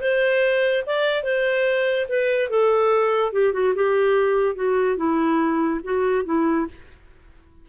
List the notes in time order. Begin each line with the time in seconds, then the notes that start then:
0.00 C5
0.86 D5
1.23 C5
2.08 B4
2.49 A4
3.32 G4
3.52 F#4
3.75 G4
4.55 F#4
4.97 E4
5.84 F#4
6.25 E4